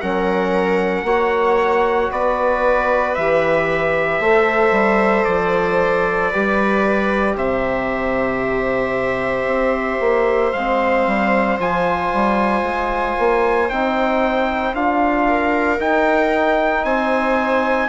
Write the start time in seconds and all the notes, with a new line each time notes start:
0.00 F#3 C#4 A#4 F#5
1.03 A#3 F#4 C#5
2.11 B3 B4 D5
3.15 E3 G4 E5
4.19 A3 A4 C5
4.71 G3
5.24 F3 D5
6.30 G3 G4 B4
7.36 C3 C5 E5
9.46 C4
10.00 A#3
10.52 G#3 C4 F5
11.06 G3
11.59 F3 F4 G#5
12.13 G3
12.62 G#3
13.18 A#3
13.69 C4 D#4 G5
14.73 D4 F4 F5
15.27 A#4
15.79 D#4 G5
16.84 C4 C5 G#5